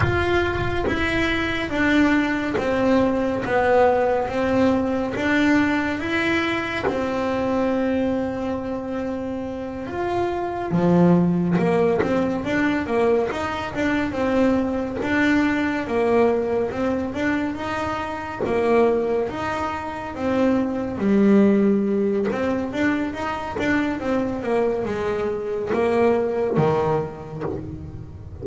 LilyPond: \new Staff \with { instrumentName = "double bass" } { \time 4/4 \tempo 4 = 70 f'4 e'4 d'4 c'4 | b4 c'4 d'4 e'4 | c'2.~ c'8 f'8~ | f'8 f4 ais8 c'8 d'8 ais8 dis'8 |
d'8 c'4 d'4 ais4 c'8 | d'8 dis'4 ais4 dis'4 c'8~ | c'8 g4. c'8 d'8 dis'8 d'8 | c'8 ais8 gis4 ais4 dis4 | }